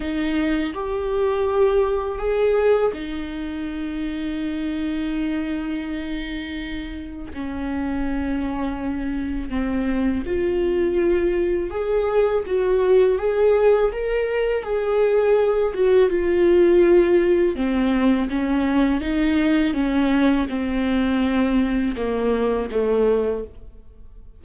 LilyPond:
\new Staff \with { instrumentName = "viola" } { \time 4/4 \tempo 4 = 82 dis'4 g'2 gis'4 | dis'1~ | dis'2 cis'2~ | cis'4 c'4 f'2 |
gis'4 fis'4 gis'4 ais'4 | gis'4. fis'8 f'2 | c'4 cis'4 dis'4 cis'4 | c'2 ais4 a4 | }